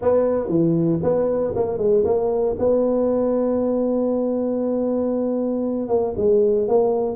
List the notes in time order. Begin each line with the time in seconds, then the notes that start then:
0.01 B3
0.48 E3
1.02 B3
1.55 A#3
1.78 G#3
2.04 A#3
2.58 B3
5.88 A#3
6.16 G#3
6.68 A#3